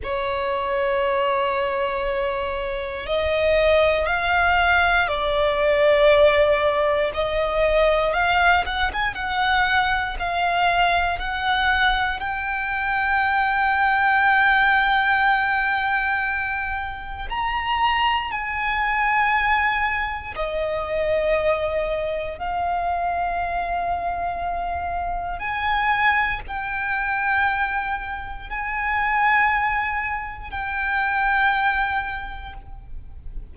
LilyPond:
\new Staff \with { instrumentName = "violin" } { \time 4/4 \tempo 4 = 59 cis''2. dis''4 | f''4 d''2 dis''4 | f''8 fis''16 gis''16 fis''4 f''4 fis''4 | g''1~ |
g''4 ais''4 gis''2 | dis''2 f''2~ | f''4 gis''4 g''2 | gis''2 g''2 | }